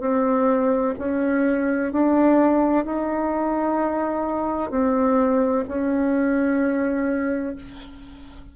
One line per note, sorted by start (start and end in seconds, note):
0.00 0.94 C4
0.98 1.92 C#4
1.92 2.85 D4
2.85 4.70 D#4
4.70 5.64 C4
5.68 7.55 C#4